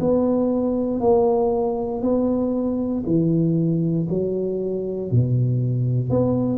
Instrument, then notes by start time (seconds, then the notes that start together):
tuba
0.00 B3
1.00 A#3
2.02 B3
3.06 E3
4.09 F#3
5.11 B2
6.10 B3